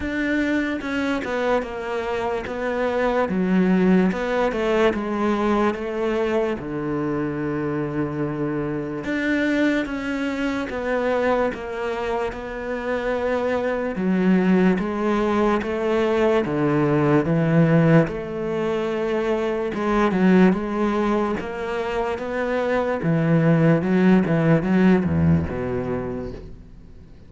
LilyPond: \new Staff \with { instrumentName = "cello" } { \time 4/4 \tempo 4 = 73 d'4 cis'8 b8 ais4 b4 | fis4 b8 a8 gis4 a4 | d2. d'4 | cis'4 b4 ais4 b4~ |
b4 fis4 gis4 a4 | d4 e4 a2 | gis8 fis8 gis4 ais4 b4 | e4 fis8 e8 fis8 e,8 b,4 | }